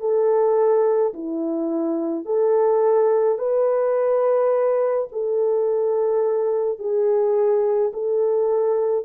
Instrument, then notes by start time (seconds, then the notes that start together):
horn
0.00 A4
1.14 E4
2.25 A4
3.38 B4
5.12 A4
6.79 G#4
7.93 A4